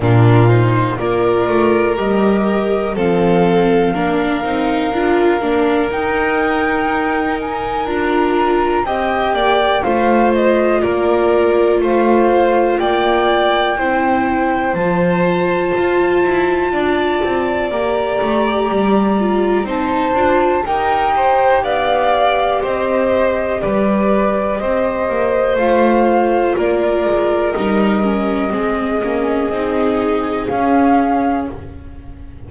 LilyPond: <<
  \new Staff \with { instrumentName = "flute" } { \time 4/4 \tempo 4 = 61 ais'8 c''8 d''4 dis''4 f''4~ | f''2 g''4. gis''8 | ais''4 g''4 f''8 dis''8 d''4 | f''4 g''2 a''4~ |
a''2 ais''2 | a''4 g''4 f''4 dis''4 | d''4 dis''4 f''4 d''4 | dis''2. f''4 | }
  \new Staff \with { instrumentName = "violin" } { \time 4/4 f'4 ais'2 a'4 | ais'1~ | ais'4 dis''8 d''8 c''4 ais'4 | c''4 d''4 c''2~ |
c''4 d''2. | c''4 ais'8 c''8 d''4 c''4 | b'4 c''2 ais'4~ | ais'4 gis'2. | }
  \new Staff \with { instrumentName = "viola" } { \time 4/4 d'8 dis'8 f'4 g'4 c'4 | d'8 dis'8 f'8 d'8 dis'2 | f'4 g'4 f'2~ | f'2 e'4 f'4~ |
f'2 g'4. f'8 | dis'8 f'8 g'2.~ | g'2 f'2 | dis'8 cis'8 c'8 cis'8 dis'4 cis'4 | }
  \new Staff \with { instrumentName = "double bass" } { \time 4/4 ais,4 ais8 a8 g4 f4 | ais8 c'8 d'8 ais8 dis'2 | d'4 c'8 ais8 a4 ais4 | a4 ais4 c'4 f4 |
f'8 e'8 d'8 c'8 ais8 a8 g4 | c'8 d'8 dis'4 b4 c'4 | g4 c'8 ais8 a4 ais8 gis8 | g4 gis8 ais8 c'4 cis'4 | }
>>